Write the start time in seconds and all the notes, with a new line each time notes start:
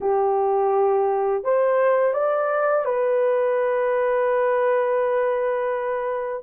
0.01 G4
1.44 C5
2.13 D5
2.85 B4